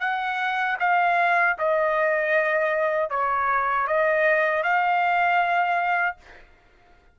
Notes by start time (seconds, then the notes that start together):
0.00 F#5
0.80 F5
1.58 D#5
3.10 C#5
3.87 D#5
4.63 F5